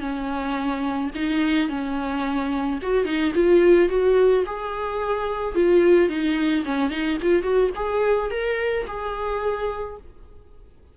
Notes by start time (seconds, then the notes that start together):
0.00 C#4
1.15 D#4
1.69 C#4
2.82 F#4
3.05 D#4
3.34 F4
3.89 F#4
4.46 G#4
5.55 F4
6.09 D#4
6.65 C#4
6.90 D#4
7.22 F4
7.42 F#4
7.75 G#4
8.30 A#4
8.86 G#4